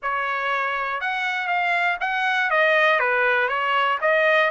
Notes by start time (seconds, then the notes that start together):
0.02 C#5
1.00 F#5
1.47 F5
2.00 F#5
2.50 D#5
2.99 B4
3.48 C#5
4.01 D#5